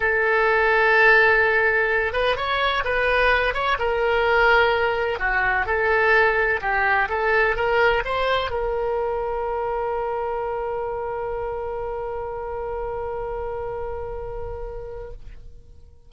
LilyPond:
\new Staff \with { instrumentName = "oboe" } { \time 4/4 \tempo 4 = 127 a'1~ | a'8 b'8 cis''4 b'4. cis''8 | ais'2. fis'4 | a'2 g'4 a'4 |
ais'4 c''4 ais'2~ | ais'1~ | ais'1~ | ais'1 | }